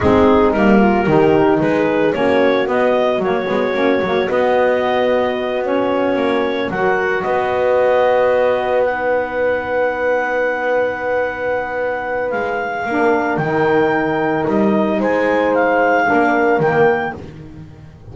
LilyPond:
<<
  \new Staff \with { instrumentName = "clarinet" } { \time 4/4 \tempo 4 = 112 gis'4 ais'2 b'4 | cis''4 dis''4 cis''2 | dis''2~ dis''8 cis''4.~ | cis''8 fis''4 dis''2~ dis''8~ |
dis''8 fis''2.~ fis''8~ | fis''2. f''4~ | f''4 g''2 dis''4 | gis''4 f''2 g''4 | }
  \new Staff \with { instrumentName = "horn" } { \time 4/4 dis'4. f'8 g'4 gis'4 | fis'1~ | fis'1~ | fis'8 ais'4 b'2~ b'8~ |
b'1~ | b'1 | ais'1 | c''2 ais'2 | }
  \new Staff \with { instrumentName = "saxophone" } { \time 4/4 c'4 ais4 dis'2 | cis'4 b4 ais8 b8 cis'8 ais8 | b2~ b8 cis'4.~ | cis'8 fis'2.~ fis'8~ |
fis'8 dis'2.~ dis'8~ | dis'1 | d'4 dis'2.~ | dis'2 d'4 ais4 | }
  \new Staff \with { instrumentName = "double bass" } { \time 4/4 gis4 g4 dis4 gis4 | ais4 b4 fis8 gis8 ais8 fis8 | b2.~ b8 ais8~ | ais8 fis4 b2~ b8~ |
b1~ | b2. gis4 | ais4 dis2 g4 | gis2 ais4 dis4 | }
>>